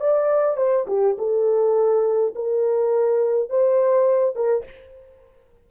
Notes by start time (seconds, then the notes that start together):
0.00 D5
0.57 C5
0.87 G4
1.18 A4
2.35 A#4
3.50 C5
4.36 A#4